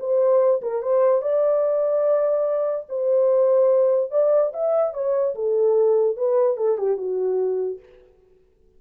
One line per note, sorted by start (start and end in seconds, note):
0.00 0.62 C5
0.62 0.83 A#4
0.83 1.22 C5
1.22 2.87 D5
2.89 4.11 C5
4.11 4.52 D5
4.54 4.94 E5
4.94 5.35 C#5
5.35 6.17 A4
6.17 6.57 B4
6.57 6.78 A4
6.78 6.97 G4
6.97 7.80 F#4